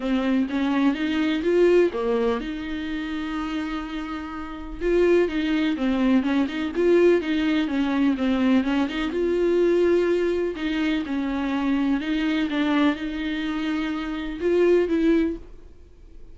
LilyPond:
\new Staff \with { instrumentName = "viola" } { \time 4/4 \tempo 4 = 125 c'4 cis'4 dis'4 f'4 | ais4 dis'2.~ | dis'2 f'4 dis'4 | c'4 cis'8 dis'8 f'4 dis'4 |
cis'4 c'4 cis'8 dis'8 f'4~ | f'2 dis'4 cis'4~ | cis'4 dis'4 d'4 dis'4~ | dis'2 f'4 e'4 | }